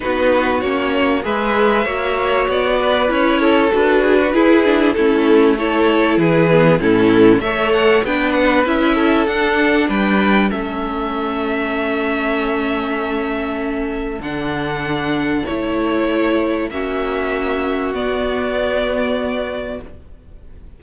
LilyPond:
<<
  \new Staff \with { instrumentName = "violin" } { \time 4/4 \tempo 4 = 97 b'4 cis''4 e''2 | d''4 cis''4 b'2 | a'4 cis''4 b'4 a'4 | e''8 fis''8 g''8 fis''8 e''4 fis''4 |
g''4 e''2.~ | e''2. fis''4~ | fis''4 cis''2 e''4~ | e''4 d''2. | }
  \new Staff \with { instrumentName = "violin" } { \time 4/4 fis'2 b'4 cis''4~ | cis''8 b'4 a'4 gis'16 fis'16 gis'4 | e'4 a'4 gis'4 e'4 | cis''4 b'4. a'4. |
b'4 a'2.~ | a'1~ | a'2. fis'4~ | fis'1 | }
  \new Staff \with { instrumentName = "viola" } { \time 4/4 dis'4 cis'4 gis'4 fis'4~ | fis'4 e'4 fis'4 e'8 d'8 | cis'4 e'4. b8 cis'4 | a'4 d'4 e'4 d'4~ |
d'4 cis'2.~ | cis'2. d'4~ | d'4 e'2 cis'4~ | cis'4 b2. | }
  \new Staff \with { instrumentName = "cello" } { \time 4/4 b4 ais4 gis4 ais4 | b4 cis'4 d'4 e'4 | a2 e4 a,4 | a4 b4 cis'4 d'4 |
g4 a2.~ | a2. d4~ | d4 a2 ais4~ | ais4 b2. | }
>>